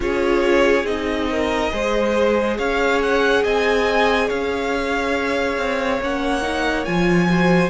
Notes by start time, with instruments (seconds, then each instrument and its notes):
0.00 cello C#4, viola F4, violin G#4 C#5
0.83 cello C4, viola D#4, violin D#5
1.30 violin A#4
1.70 cello G#3, viola G#4, violin C5
2.57 cello C#4, violin C#5 F5
3.01 violin F#5
3.43 cello C4, violin D#5 G#5
4.27 cello C#4, violin C#5 F5
5.57 cello C4
6.01 cello A#3, viola C#4, violin F#5
6.42 viola D#4
6.84 cello F3, viola F4, violin G#5
7.28 viola F#4, violin C5